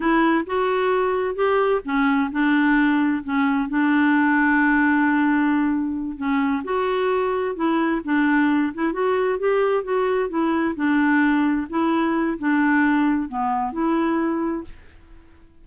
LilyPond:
\new Staff \with { instrumentName = "clarinet" } { \time 4/4 \tempo 4 = 131 e'4 fis'2 g'4 | cis'4 d'2 cis'4 | d'1~ | d'4. cis'4 fis'4.~ |
fis'8 e'4 d'4. e'8 fis'8~ | fis'8 g'4 fis'4 e'4 d'8~ | d'4. e'4. d'4~ | d'4 b4 e'2 | }